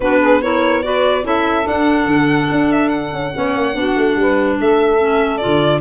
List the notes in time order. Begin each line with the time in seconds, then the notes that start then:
0.00 B3 D4 F#4 B4
0.20 G#4
0.41 E4 A#4 C#5
0.82 F#4 B4 D5
1.23 C#4 E4 A4 E5
1.63 D4 F#5
2.06 D3
2.51 D4
2.71 E5
2.88 F#5
3.12 C#4
3.34 B3 C#4 C#5
3.56 A#3
3.73 B3 D4 F#4
3.96 A3
4.15 G3 B4
4.59 A3 A4 E5
4.99 C#4
5.37 F4 D5
5.45 D3